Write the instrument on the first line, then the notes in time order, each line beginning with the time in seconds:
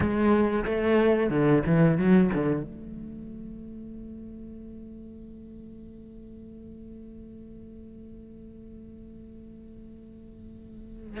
cello
0.00 G#3
0.65 A3
1.30 D3
1.65 E3
1.97 F#3
2.33 D3
2.63 A3